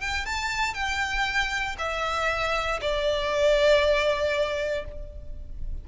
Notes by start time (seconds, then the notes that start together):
0.00 G5
0.25 A5
0.74 G5
1.78 E5
2.81 D5